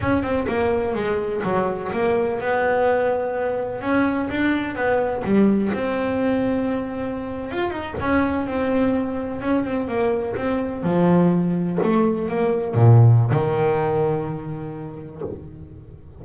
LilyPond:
\new Staff \with { instrumentName = "double bass" } { \time 4/4 \tempo 4 = 126 cis'8 c'8 ais4 gis4 fis4 | ais4 b2. | cis'4 d'4 b4 g4 | c'2.~ c'8. f'16~ |
f'16 dis'8 cis'4 c'2 cis'16~ | cis'16 c'8 ais4 c'4 f4~ f16~ | f8. a4 ais4 ais,4~ ais,16 | dis1 | }